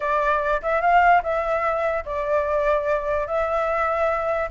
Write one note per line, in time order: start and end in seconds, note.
0.00 0.61 D5
0.62 0.81 E5
0.81 1.21 F5
1.22 2.04 E5
2.05 3.26 D5
3.26 4.49 E5